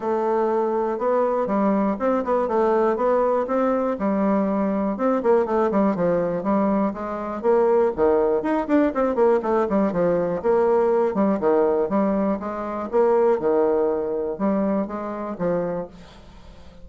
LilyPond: \new Staff \with { instrumentName = "bassoon" } { \time 4/4 \tempo 4 = 121 a2 b4 g4 | c'8 b8 a4 b4 c'4 | g2 c'8 ais8 a8 g8 | f4 g4 gis4 ais4 |
dis4 dis'8 d'8 c'8 ais8 a8 g8 | f4 ais4. g8 dis4 | g4 gis4 ais4 dis4~ | dis4 g4 gis4 f4 | }